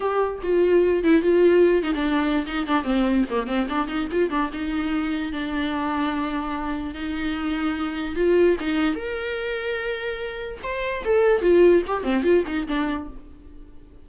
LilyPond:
\new Staff \with { instrumentName = "viola" } { \time 4/4 \tempo 4 = 147 g'4 f'4. e'8 f'4~ | f'8 dis'16 d'4~ d'16 dis'8 d'8 c'4 | ais8 c'8 d'8 dis'8 f'8 d'8 dis'4~ | dis'4 d'2.~ |
d'4 dis'2. | f'4 dis'4 ais'2~ | ais'2 c''4 a'4 | f'4 g'8 c'8 f'8 dis'8 d'4 | }